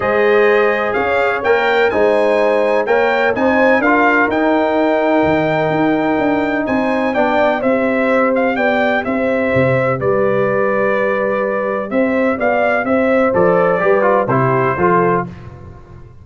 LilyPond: <<
  \new Staff \with { instrumentName = "trumpet" } { \time 4/4 \tempo 4 = 126 dis''2 f''4 g''4 | gis''2 g''4 gis''4 | f''4 g''2.~ | g''2 gis''4 g''4 |
e''4. f''8 g''4 e''4~ | e''4 d''2.~ | d''4 e''4 f''4 e''4 | d''2 c''2 | }
  \new Staff \with { instrumentName = "horn" } { \time 4/4 c''2 cis''2 | c''2 cis''4 c''4 | ais'1~ | ais'2 c''4 d''4 |
c''2 d''4 c''4~ | c''4 b'2.~ | b'4 c''4 d''4 c''4~ | c''4 b'4 g'4 a'4 | }
  \new Staff \with { instrumentName = "trombone" } { \time 4/4 gis'2. ais'4 | dis'2 ais'4 dis'4 | f'4 dis'2.~ | dis'2. d'4 |
g'1~ | g'1~ | g'1 | a'4 g'8 f'8 e'4 f'4 | }
  \new Staff \with { instrumentName = "tuba" } { \time 4/4 gis2 cis'4 ais4 | gis2 ais4 c'4 | d'4 dis'2 dis4 | dis'4 d'4 c'4 b4 |
c'2 b4 c'4 | c4 g2.~ | g4 c'4 b4 c'4 | f4 g4 c4 f4 | }
>>